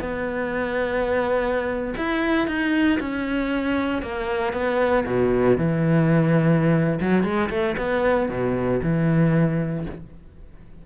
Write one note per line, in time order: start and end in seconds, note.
0.00 1.94 B3
1.97 2.47 E4
2.47 2.99 D#4
3.00 4.02 C#4
4.02 4.53 A#3
4.53 5.05 B3
5.06 5.57 B2
5.57 6.99 E3
7.00 7.23 F#3
7.23 7.49 G#3
7.50 7.76 A3
7.77 8.29 B3
8.29 8.81 B2
8.82 9.86 E3